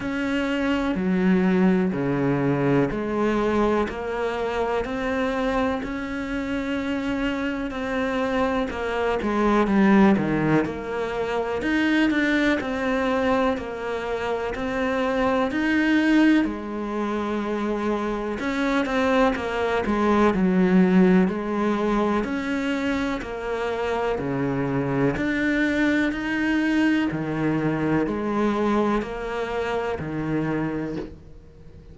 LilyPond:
\new Staff \with { instrumentName = "cello" } { \time 4/4 \tempo 4 = 62 cis'4 fis4 cis4 gis4 | ais4 c'4 cis'2 | c'4 ais8 gis8 g8 dis8 ais4 | dis'8 d'8 c'4 ais4 c'4 |
dis'4 gis2 cis'8 c'8 | ais8 gis8 fis4 gis4 cis'4 | ais4 cis4 d'4 dis'4 | dis4 gis4 ais4 dis4 | }